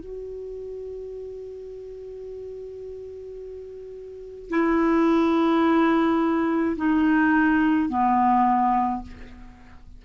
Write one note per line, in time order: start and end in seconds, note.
0.00 4.50 F#4
4.50 6.76 E4
6.77 7.89 D#4
7.89 9.02 B3